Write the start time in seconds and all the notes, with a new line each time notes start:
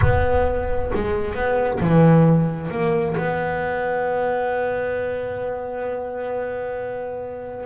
0.01 B3
0.94 G#3
1.34 B3
1.80 E3
2.70 A#3
3.17 B3